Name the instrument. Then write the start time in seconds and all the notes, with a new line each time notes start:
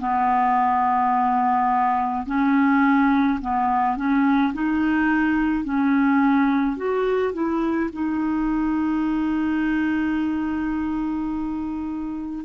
clarinet
0.00 B3
2.26 C#4
3.41 B3
3.97 C#4
4.54 D#4
5.64 C#4
6.77 F#4
7.33 E4
7.93 D#4